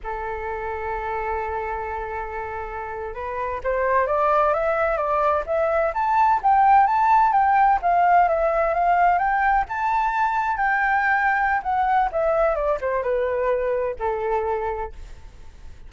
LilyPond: \new Staff \with { instrumentName = "flute" } { \time 4/4 \tempo 4 = 129 a'1~ | a'2~ a'8. b'4 c''16~ | c''8. d''4 e''4 d''4 e''16~ | e''8. a''4 g''4 a''4 g''16~ |
g''8. f''4 e''4 f''4 g''16~ | g''8. a''2 g''4~ g''16~ | g''4 fis''4 e''4 d''8 c''8 | b'2 a'2 | }